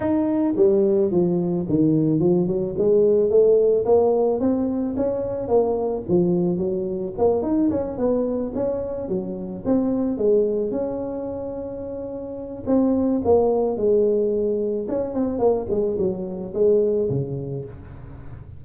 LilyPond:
\new Staff \with { instrumentName = "tuba" } { \time 4/4 \tempo 4 = 109 dis'4 g4 f4 dis4 | f8 fis8 gis4 a4 ais4 | c'4 cis'4 ais4 f4 | fis4 ais8 dis'8 cis'8 b4 cis'8~ |
cis'8 fis4 c'4 gis4 cis'8~ | cis'2. c'4 | ais4 gis2 cis'8 c'8 | ais8 gis8 fis4 gis4 cis4 | }